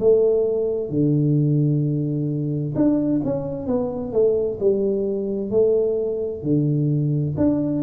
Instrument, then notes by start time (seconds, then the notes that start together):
tuba
0.00 A3
0.90 D3
2.76 D4
3.25 C#4
3.67 B3
4.12 A3
4.60 G3
5.51 A3
6.43 D3
7.37 D4